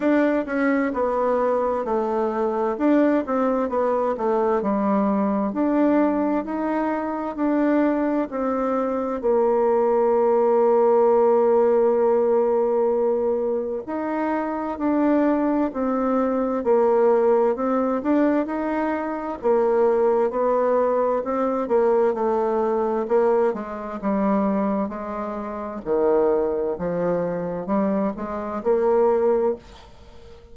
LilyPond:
\new Staff \with { instrumentName = "bassoon" } { \time 4/4 \tempo 4 = 65 d'8 cis'8 b4 a4 d'8 c'8 | b8 a8 g4 d'4 dis'4 | d'4 c'4 ais2~ | ais2. dis'4 |
d'4 c'4 ais4 c'8 d'8 | dis'4 ais4 b4 c'8 ais8 | a4 ais8 gis8 g4 gis4 | dis4 f4 g8 gis8 ais4 | }